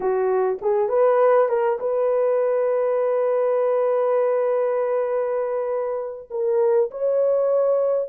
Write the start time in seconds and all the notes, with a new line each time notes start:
0.00 F#4
0.61 G#4
0.88 B4
1.48 A#4
1.79 B4
6.30 A#4
6.90 C#5